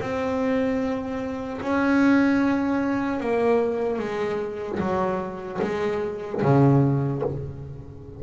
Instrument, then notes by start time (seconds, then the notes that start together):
double bass
0.00 C4
1.61 C#4
3.20 A#3
3.99 G#3
4.79 F#3
5.61 G#3
6.42 C#3